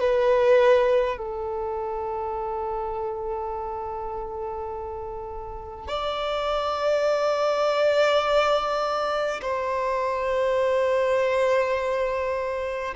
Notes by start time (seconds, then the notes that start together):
0.00 B4
1.18 A4
5.88 D5
9.41 C5